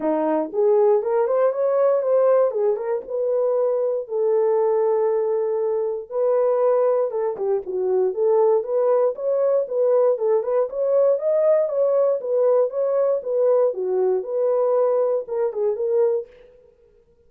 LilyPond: \new Staff \with { instrumentName = "horn" } { \time 4/4 \tempo 4 = 118 dis'4 gis'4 ais'8 c''8 cis''4 | c''4 gis'8 ais'8 b'2 | a'1 | b'2 a'8 g'8 fis'4 |
a'4 b'4 cis''4 b'4 | a'8 b'8 cis''4 dis''4 cis''4 | b'4 cis''4 b'4 fis'4 | b'2 ais'8 gis'8 ais'4 | }